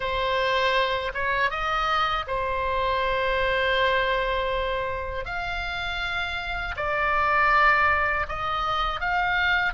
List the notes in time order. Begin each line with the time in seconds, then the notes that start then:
0.00 C5
1.14 C#5
1.50 D#5
2.27 C5
5.25 F5
6.76 D5
8.28 D#5
9.00 F5